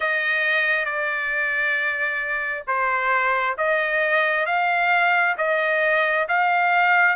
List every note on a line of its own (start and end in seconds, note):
0.00 0.85 D#5
0.85 2.64 D5
2.67 3.56 C5
3.57 4.45 D#5
4.45 5.35 F5
5.37 6.27 D#5
6.28 7.16 F5